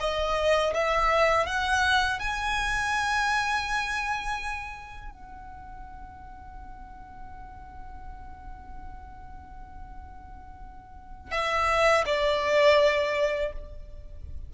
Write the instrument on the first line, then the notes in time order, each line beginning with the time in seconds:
violin
0.00 D#5
0.74 E5
1.46 F#5
2.19 G#5
5.11 F#5
11.31 E5
12.06 D5